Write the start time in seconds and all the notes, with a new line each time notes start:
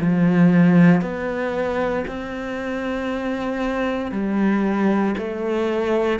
0.00 F3
1.01 B3
2.07 C4
4.11 G3
5.18 A3